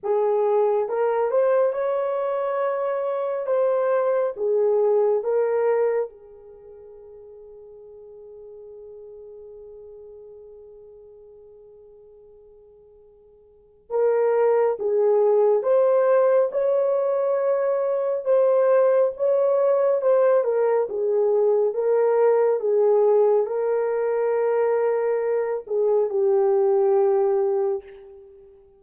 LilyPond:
\new Staff \with { instrumentName = "horn" } { \time 4/4 \tempo 4 = 69 gis'4 ais'8 c''8 cis''2 | c''4 gis'4 ais'4 gis'4~ | gis'1~ | gis'1 |
ais'4 gis'4 c''4 cis''4~ | cis''4 c''4 cis''4 c''8 ais'8 | gis'4 ais'4 gis'4 ais'4~ | ais'4. gis'8 g'2 | }